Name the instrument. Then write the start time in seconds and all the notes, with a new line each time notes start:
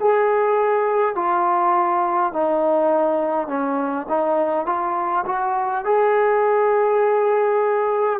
trombone
0.00 G#4
1.14 F4
2.32 D#4
3.47 C#4
4.09 D#4
4.66 F4
5.26 F#4
5.84 G#4